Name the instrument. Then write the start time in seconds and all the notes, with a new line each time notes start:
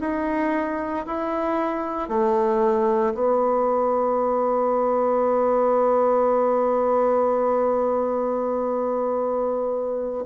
bassoon
0.00 D#4
1.06 E4
2.08 A3
3.14 B3